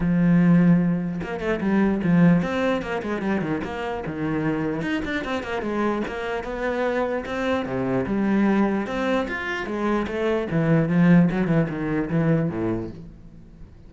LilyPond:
\new Staff \with { instrumentName = "cello" } { \time 4/4 \tempo 4 = 149 f2. ais8 a8 | g4 f4 c'4 ais8 gis8 | g8 dis8 ais4 dis2 | dis'8 d'8 c'8 ais8 gis4 ais4 |
b2 c'4 c4 | g2 c'4 f'4 | gis4 a4 e4 f4 | fis8 e8 dis4 e4 a,4 | }